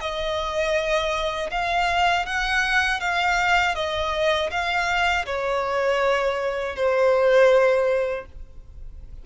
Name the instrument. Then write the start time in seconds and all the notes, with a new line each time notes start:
violin
0.00 D#5
1.50 F5
2.25 F#5
3.00 F5
3.75 D#5
4.50 F5
5.25 C#5
6.75 C5